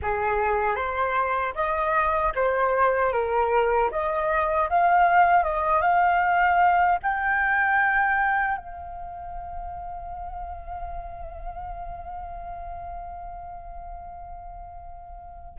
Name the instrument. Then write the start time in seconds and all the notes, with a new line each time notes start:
flute
0.01 G#4
0.75 C5
1.54 D#5
2.35 C5
3.12 A#4
3.91 D#5
4.69 F5
5.43 D#5
5.81 F5
7.02 G5
8.57 F5